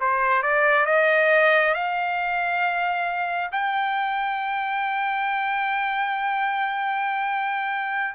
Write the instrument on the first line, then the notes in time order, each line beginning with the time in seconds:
trumpet
0.00 C5
0.43 D5
0.85 D#5
1.74 F5
3.51 G5